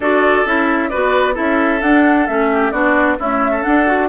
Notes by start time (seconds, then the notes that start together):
0.00 D4 F#4 A4 D5
0.45 C#4 E4 E5
0.89 B3 F#4 B4 D5
1.34 C#4 E4 A4 E5
1.81 D4 F#5
2.27 A3 C#4 E5
2.52 G4
2.71 B3 D4 F#4 D5
3.19 A3 C#4 E4 E5
3.50 A4
3.61 D4 F#5
3.86 F#4